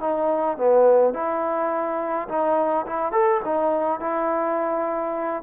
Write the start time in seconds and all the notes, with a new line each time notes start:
0.00 D#4
0.57 B3
1.14 E4
2.29 D#4
2.86 E4
3.12 A4
3.45 D#4
4.00 E4